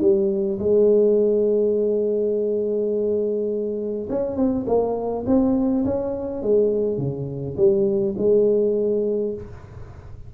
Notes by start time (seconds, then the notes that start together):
0.00 G3
0.59 G#3
4.09 C#4
4.36 C4
4.66 A#3
5.26 C4
5.84 C#4
6.42 G#3
6.97 C#3
7.56 G3
8.17 G#3